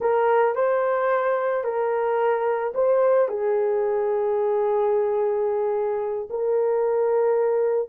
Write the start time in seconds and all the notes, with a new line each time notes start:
0.00 A#4
0.55 C5
1.64 A#4
2.74 C5
3.28 G#4
6.30 A#4